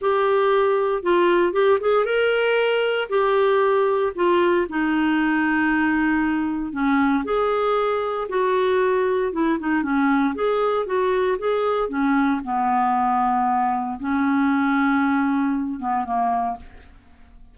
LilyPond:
\new Staff \with { instrumentName = "clarinet" } { \time 4/4 \tempo 4 = 116 g'2 f'4 g'8 gis'8 | ais'2 g'2 | f'4 dis'2.~ | dis'4 cis'4 gis'2 |
fis'2 e'8 dis'8 cis'4 | gis'4 fis'4 gis'4 cis'4 | b2. cis'4~ | cis'2~ cis'8 b8 ais4 | }